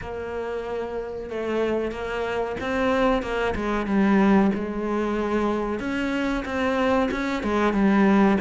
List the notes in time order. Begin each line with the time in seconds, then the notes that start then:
0.01 A#3
1.29 A3
1.91 A#3
2.60 C4
3.22 A#3
3.55 G#3
3.86 G3
4.55 G#3
5.79 C#4
6.45 C4
7.11 C#4
7.43 G#3
7.73 G3